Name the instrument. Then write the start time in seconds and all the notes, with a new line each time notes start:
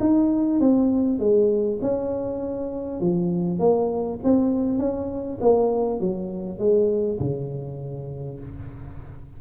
tuba
0.00 D#4
0.60 C4
1.19 G#3
1.82 C#4
3.01 F3
3.59 A#3
4.24 C4
4.79 C#4
5.41 A#3
6.00 F#3
6.59 G#3
7.19 C#3